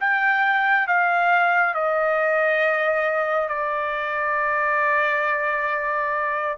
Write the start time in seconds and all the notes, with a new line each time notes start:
0.00 G5
0.87 F5
1.74 D#5
3.49 D5